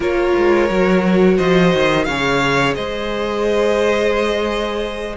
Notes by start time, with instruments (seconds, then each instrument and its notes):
0.00 cello A#3, viola F4, violin A#4 C#5
0.36 cello G#3
0.70 cello F#3, viola F#4
1.36 cello F3, violin C5 D#5
1.74 cello D#3
2.04 cello C#3, viola G#4, violin C#5 F5
2.74 cello G#3, violin C5 D#5